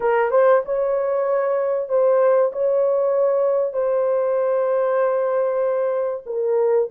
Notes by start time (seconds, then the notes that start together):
0.00 A#4
0.30 C5
0.65 C#5
1.89 C5
2.52 C#5
3.73 C5
6.26 A#4